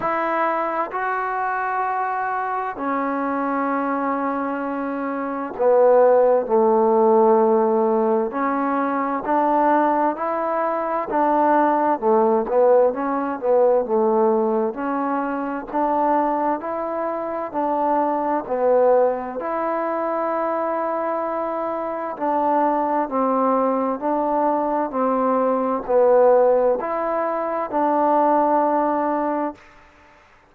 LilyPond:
\new Staff \with { instrumentName = "trombone" } { \time 4/4 \tempo 4 = 65 e'4 fis'2 cis'4~ | cis'2 b4 a4~ | a4 cis'4 d'4 e'4 | d'4 a8 b8 cis'8 b8 a4 |
cis'4 d'4 e'4 d'4 | b4 e'2. | d'4 c'4 d'4 c'4 | b4 e'4 d'2 | }